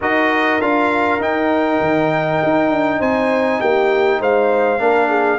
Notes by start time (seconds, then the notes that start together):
0.00 D#4 F#4 A#4 D#5
0.60 D4 F4 F5
1.20 D#4 G5
1.80 D#3
2.43 D#4
2.69 D4
2.99 C4 C5 G#5
3.60 A#3 G4 G5
4.20 G#3 C5 F5
4.78 A#3 D4 A#4
5.08 G#4